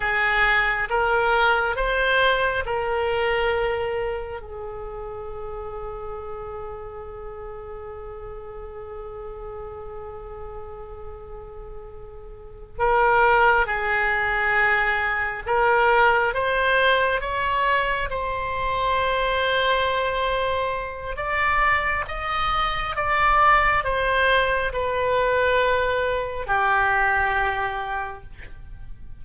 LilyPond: \new Staff \with { instrumentName = "oboe" } { \time 4/4 \tempo 4 = 68 gis'4 ais'4 c''4 ais'4~ | ais'4 gis'2.~ | gis'1~ | gis'2~ gis'8 ais'4 gis'8~ |
gis'4. ais'4 c''4 cis''8~ | cis''8 c''2.~ c''8 | d''4 dis''4 d''4 c''4 | b'2 g'2 | }